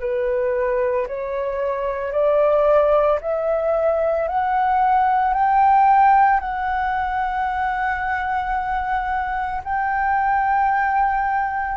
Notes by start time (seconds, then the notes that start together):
0.00 B4
1.08 C#5
2.12 D5
3.21 E5
4.29 F#5
5.34 G5
6.40 F#5
9.64 G5